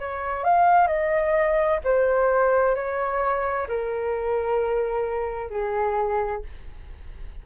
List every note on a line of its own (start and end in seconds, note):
0.00 0.44 C#5
0.44 0.88 F5
0.88 1.80 D#5
1.84 2.75 C5
2.75 3.68 C#5
3.68 5.50 A#4
5.50 6.42 G#4